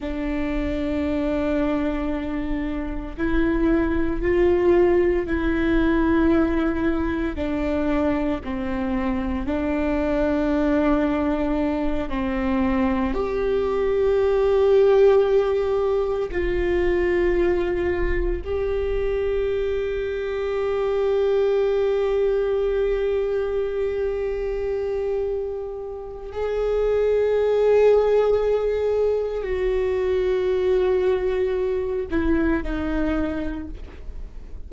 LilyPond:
\new Staff \with { instrumentName = "viola" } { \time 4/4 \tempo 4 = 57 d'2. e'4 | f'4 e'2 d'4 | c'4 d'2~ d'8 c'8~ | c'8 g'2. f'8~ |
f'4. g'2~ g'8~ | g'1~ | g'4 gis'2. | fis'2~ fis'8 e'8 dis'4 | }